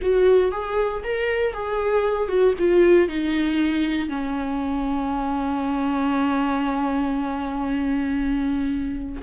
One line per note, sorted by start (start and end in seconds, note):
0.01 0.51 F#4
0.51 1.03 G#4
1.03 1.53 A#4
1.53 2.28 G#4
2.28 2.54 F#4
2.59 3.08 F4
3.08 4.08 D#4
4.08 9.21 C#4